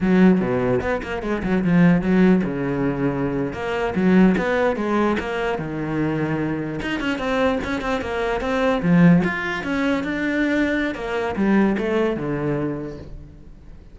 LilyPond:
\new Staff \with { instrumentName = "cello" } { \time 4/4 \tempo 4 = 148 fis4 b,4 b8 ais8 gis8 fis8 | f4 fis4 cis2~ | cis8. ais4 fis4 b4 gis16~ | gis8. ais4 dis2~ dis16~ |
dis8. dis'8 cis'8 c'4 cis'8 c'8 ais16~ | ais8. c'4 f4 f'4 cis'16~ | cis'8. d'2~ d'16 ais4 | g4 a4 d2 | }